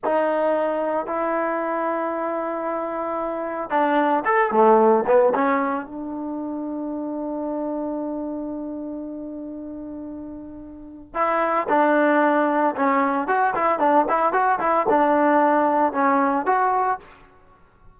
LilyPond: \new Staff \with { instrumentName = "trombone" } { \time 4/4 \tempo 4 = 113 dis'2 e'2~ | e'2. d'4 | a'8 a4 b8 cis'4 d'4~ | d'1~ |
d'1~ | d'4 e'4 d'2 | cis'4 fis'8 e'8 d'8 e'8 fis'8 e'8 | d'2 cis'4 fis'4 | }